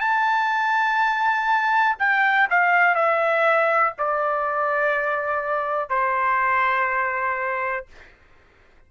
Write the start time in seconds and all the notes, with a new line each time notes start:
0.00 A5
1.99 G5
2.50 F5
2.95 E5
3.98 D5
5.90 C5